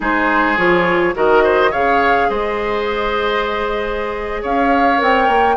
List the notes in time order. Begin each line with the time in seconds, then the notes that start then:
0.00 G#3 D#4 G#4 C5
0.56 F3 F4 C#5
1.13 D#3 F#4 A#4 D#5
1.43 C5
1.70 C#3 G#4 C#5 F5
2.29 G#3 C5 D#5
4.42 C#4 C#5 F5
4.97 C4 A#4 G5
5.27 A#3